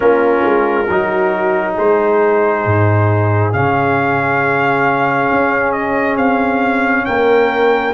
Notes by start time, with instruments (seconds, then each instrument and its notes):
0.00 tuba A#3, trombone C#4, horn F4, trumpet A#4
0.44 tuba G#3
0.89 tuba F#3, trombone D#4, horn F#4
1.74 tuba G#3, horn G#4, trumpet C5
2.65 tuba G#2
3.52 tuba C#3, trombone C#4, trumpet F5
5.30 tuba C#4
5.72 trumpet D#5
6.15 tuba C4, trumpet F5
7.05 tuba A#3, horn A#4, trumpet G5